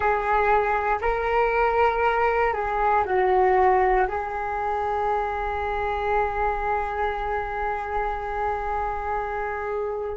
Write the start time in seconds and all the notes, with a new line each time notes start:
0.00 G#4
1.01 A#4
2.53 G#4
3.05 F#4
4.07 G#4